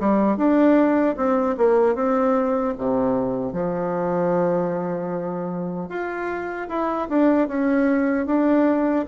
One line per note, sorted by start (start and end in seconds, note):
0.00 0.37 G3
0.37 1.16 D4
1.17 1.56 C4
1.58 1.95 A#3
1.95 2.74 C4
2.78 3.53 C3
3.53 5.89 F3
5.89 6.68 F4
6.69 7.08 E4
7.09 7.48 D4
7.48 8.27 C#4
8.27 9.06 D4